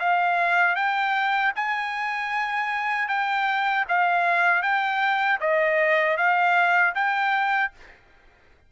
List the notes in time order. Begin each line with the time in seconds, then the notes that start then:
0.00 F5
0.76 G5
1.56 G#5
3.09 G5
3.89 F5
4.63 G5
5.41 D#5
6.17 F5
6.95 G5